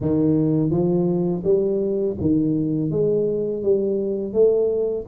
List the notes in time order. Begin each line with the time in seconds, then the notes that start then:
0.00 D#3
0.70 F3
1.44 G3
2.20 D#3
2.90 G#3
3.62 G3
4.33 A3